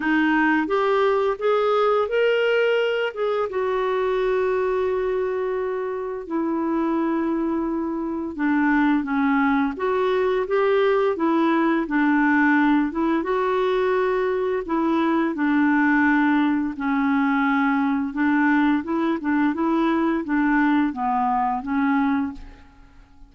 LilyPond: \new Staff \with { instrumentName = "clarinet" } { \time 4/4 \tempo 4 = 86 dis'4 g'4 gis'4 ais'4~ | ais'8 gis'8 fis'2.~ | fis'4 e'2. | d'4 cis'4 fis'4 g'4 |
e'4 d'4. e'8 fis'4~ | fis'4 e'4 d'2 | cis'2 d'4 e'8 d'8 | e'4 d'4 b4 cis'4 | }